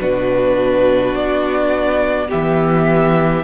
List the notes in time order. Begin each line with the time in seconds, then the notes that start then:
0.00 B2 D4 F#4 B4
1.14 B3 D5
2.29 E3 B3 G4 E5